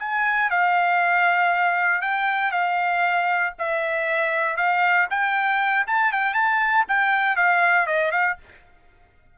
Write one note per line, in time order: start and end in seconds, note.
0.00 0.51 G#5
0.51 2.02 F5
2.02 2.52 G5
2.52 3.54 F5
3.59 4.57 E5
4.57 5.08 F5
5.11 5.87 G5
5.87 6.13 A5
6.13 6.34 G5
6.34 6.85 A5
6.89 7.37 G5
7.37 7.87 F5
7.87 8.12 D#5
8.12 8.37 F5